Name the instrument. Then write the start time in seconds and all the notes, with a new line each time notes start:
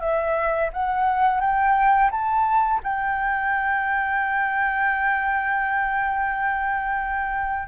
flute
0.00 E5
0.73 F#5
1.40 G5
2.11 A5
2.84 G5